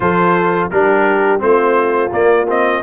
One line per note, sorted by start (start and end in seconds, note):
0.00 0.70 F3
0.00 0.70 F4
0.00 0.71 A4
0.00 0.69 C5
0.70 1.41 G3
0.70 1.39 D4
0.70 1.42 G4
0.70 1.40 A#4
1.39 2.12 A3
1.39 2.09 C4
1.39 2.83 F4
1.39 2.12 C5
2.11 2.46 A#3
2.11 2.82 A#3
2.11 2.48 D5
2.48 2.83 C4
2.48 2.83 D#5